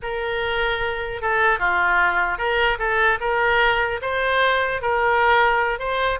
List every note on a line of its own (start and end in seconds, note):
0.02 1.21 A#4
1.21 1.59 A4
1.59 2.37 F4
2.37 2.77 A#4
2.79 3.19 A4
3.20 4.00 A#4
4.01 4.81 C5
4.81 5.79 A#4
5.79 6.19 C5